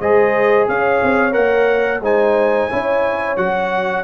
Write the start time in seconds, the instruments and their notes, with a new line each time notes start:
0.00 tuba G#3, trombone G#4, horn C5, trumpet D#5
0.68 tuba C#4, horn C#5, trumpet F5
1.03 tuba C4
1.32 tuba A#3, trombone A#4, trumpet F#5
2.00 tuba G#3, trombone D#4, horn C5, trumpet G#5
2.70 tuba C#4, trombone E4, horn C#5
3.37 tuba F#3, trombone F#4, trumpet F#5